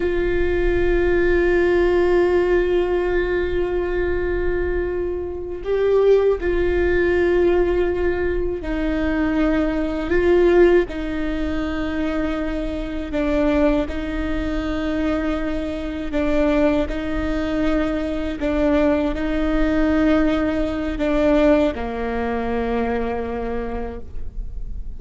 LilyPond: \new Staff \with { instrumentName = "viola" } { \time 4/4 \tempo 4 = 80 f'1~ | f'2.~ f'8 g'8~ | g'8 f'2. dis'8~ | dis'4. f'4 dis'4.~ |
dis'4. d'4 dis'4.~ | dis'4. d'4 dis'4.~ | dis'8 d'4 dis'2~ dis'8 | d'4 ais2. | }